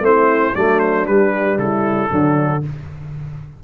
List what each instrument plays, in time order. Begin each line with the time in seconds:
0.00 tuba A3, trombone C4, horn E4, trumpet C5
0.55 tuba F#3, trombone A3, horn D4, trumpet D5
0.80 trumpet C5
1.06 trombone G3, tuba G3, trumpet B4
1.58 tuba C#3, horn E4, trumpet A4
2.10 tuba D3, trombone F#3, horn D4